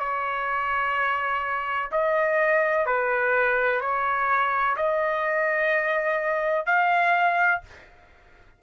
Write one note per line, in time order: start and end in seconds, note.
0.00 1.90 C#5
1.92 2.86 D#5
2.86 3.81 B4
3.81 4.76 C#5
4.77 6.67 D#5
6.67 7.62 F5